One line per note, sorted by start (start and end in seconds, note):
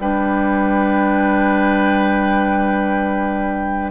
0.00 3.92 G3
0.00 3.92 D4
0.00 3.92 B4
0.00 3.92 G5